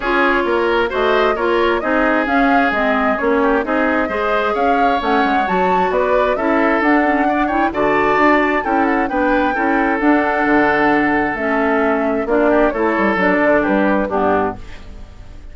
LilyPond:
<<
  \new Staff \with { instrumentName = "flute" } { \time 4/4 \tempo 4 = 132 cis''2 dis''4 cis''4 | dis''4 f''4 dis''4 cis''4 | dis''2 f''4 fis''4 | a''4 d''4 e''4 fis''4~ |
fis''8 g''8 a''2 g''8 fis''8 | g''2 fis''2~ | fis''4 e''2 d''4 | cis''4 d''4 b'4 g'4 | }
  \new Staff \with { instrumentName = "oboe" } { \time 4/4 gis'4 ais'4 c''4 ais'4 | gis'2.~ gis'8 g'8 | gis'4 c''4 cis''2~ | cis''4 b'4 a'2 |
d''8 cis''8 d''2 a'4 | b'4 a'2.~ | a'2. f'8 g'8 | a'2 g'4 d'4 | }
  \new Staff \with { instrumentName = "clarinet" } { \time 4/4 f'2 fis'4 f'4 | dis'4 cis'4 c'4 cis'4 | dis'4 gis'2 cis'4 | fis'2 e'4 d'8 cis'8 |
d'8 e'8 fis'2 e'4 | d'4 e'4 d'2~ | d'4 cis'2 d'4 | e'4 d'2 b4 | }
  \new Staff \with { instrumentName = "bassoon" } { \time 4/4 cis'4 ais4 a4 ais4 | c'4 cis'4 gis4 ais4 | c'4 gis4 cis'4 a8 gis8 | fis4 b4 cis'4 d'4~ |
d'4 d4 d'4 cis'4 | b4 cis'4 d'4 d4~ | d4 a2 ais4 | a8 g8 fis8 d8 g4 g,4 | }
>>